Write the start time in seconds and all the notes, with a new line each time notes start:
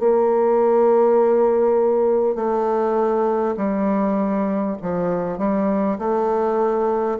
0.00 A#3
2.36 A3
3.57 G3
4.82 F3
5.39 G3
5.99 A3